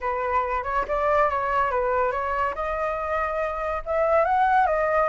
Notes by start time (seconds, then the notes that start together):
0.00 B4
0.63 C#5
0.88 D5
1.29 C#5
1.71 B4
2.11 C#5
2.54 D#5
3.85 E5
4.24 F#5
4.66 D#5